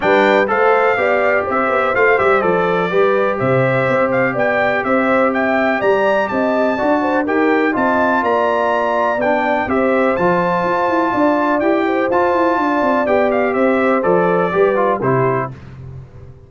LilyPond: <<
  \new Staff \with { instrumentName = "trumpet" } { \time 4/4 \tempo 4 = 124 g''4 f''2 e''4 | f''8 e''8 d''2 e''4~ | e''8 f''8 g''4 e''4 g''4 | ais''4 a''2 g''4 |
a''4 ais''2 g''4 | e''4 a''2. | g''4 a''2 g''8 f''8 | e''4 d''2 c''4 | }
  \new Staff \with { instrumentName = "horn" } { \time 4/4 b'4 c''4 d''4 c''4~ | c''2 b'4 c''4~ | c''4 d''4 c''4 e''4 | d''4 dis''4 d''8 c''8 ais'4 |
dis''4 d''2. | c''2. d''4~ | d''8 c''4. d''2 | c''2 b'4 g'4 | }
  \new Staff \with { instrumentName = "trombone" } { \time 4/4 d'4 a'4 g'2 | f'8 g'8 a'4 g'2~ | g'1~ | g'2 fis'4 g'4 |
f'2. d'4 | g'4 f'2. | g'4 f'2 g'4~ | g'4 a'4 g'8 f'8 e'4 | }
  \new Staff \with { instrumentName = "tuba" } { \time 4/4 g4 a4 b4 c'8 b8 | a8 g8 f4 g4 c4 | c'4 b4 c'2 | g4 c'4 d'4 dis'4 |
c'4 ais2 b4 | c'4 f4 f'8 e'8 d'4 | e'4 f'8 e'8 d'8 c'8 b4 | c'4 f4 g4 c4 | }
>>